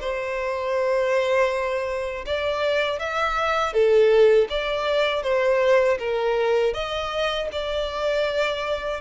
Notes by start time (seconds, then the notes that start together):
0.00 C5
2.26 D5
2.99 E5
3.73 A4
4.49 D5
5.22 C5
5.98 A#4
6.73 D#5
7.52 D5